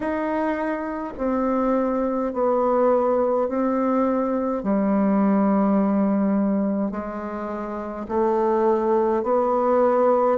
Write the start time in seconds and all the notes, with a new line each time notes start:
0.00 D#4
1.17 C4
2.33 B3
3.48 C4
4.63 G3
6.91 G#3
8.08 A3
9.23 B3